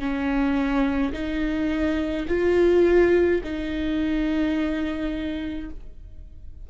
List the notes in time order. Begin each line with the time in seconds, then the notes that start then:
0.00 C#4
1.13 D#4
2.28 F4
3.44 D#4